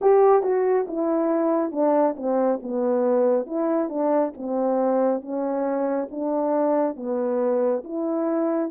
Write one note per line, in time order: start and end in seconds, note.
0.01 0.42 G4
0.42 0.86 F#4
0.87 1.72 E4
1.72 2.15 D4
2.16 2.59 C4
2.62 3.46 B3
3.46 3.89 E4
3.89 4.32 D4
4.37 5.21 C4
5.21 6.08 C#4
6.10 6.96 D4
6.96 7.83 B3
7.83 8.70 E4